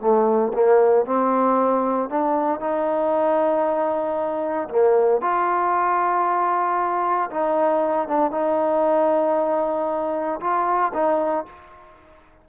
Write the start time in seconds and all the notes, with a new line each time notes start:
0.00 A3
0.53 A#3
1.05 C4
2.09 D4
2.60 D#4
4.69 A#3
5.21 F4
7.30 D#4
8.08 D4
8.31 D#4
10.40 F4
10.93 D#4